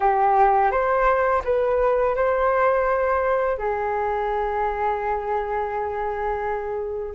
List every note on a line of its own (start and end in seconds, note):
0.00 0.71 G4
0.71 1.42 C5
1.44 2.15 B4
2.15 3.57 C5
3.57 7.14 G#4